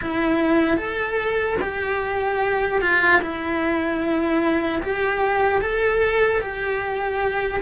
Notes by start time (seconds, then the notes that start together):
0.01 E4
0.77 A4
1.61 G4
2.81 F4
3.21 E4
4.82 G4
5.61 A4
6.41 G4